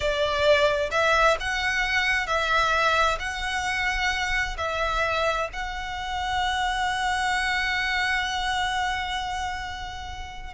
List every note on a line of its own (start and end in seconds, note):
0.00 0.90 D5
0.91 1.36 E5
1.40 2.26 F#5
2.26 3.18 E5
3.19 4.56 F#5
4.57 5.49 E5
5.52 10.53 F#5